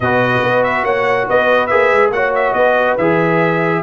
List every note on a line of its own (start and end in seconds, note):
0.00 0.41 B2
0.00 1.69 F#4
0.00 0.83 B4
0.00 0.63 D#5
0.42 0.84 B3
0.63 0.84 E5
0.83 1.27 A#3
0.83 1.26 C#5
0.83 1.27 F#5
1.28 1.71 B3
1.28 2.13 B4
1.28 1.66 D#5
1.66 1.91 A#3
1.66 2.12 G#4
1.66 2.09 E5
1.91 2.10 G#3
2.10 2.52 A#3
2.10 2.99 F#4
2.10 2.55 C#5
2.10 2.33 F#5
2.34 2.53 E5
2.53 2.96 B3
2.53 3.82 B4
2.53 2.95 D#5
2.97 3.82 E3
2.97 3.82 G#4
2.97 3.82 E5